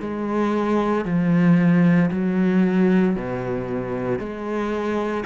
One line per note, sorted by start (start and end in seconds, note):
0.00 1.04 G#3
1.04 2.10 F3
2.11 3.15 F#3
3.15 4.19 B2
4.19 5.24 G#3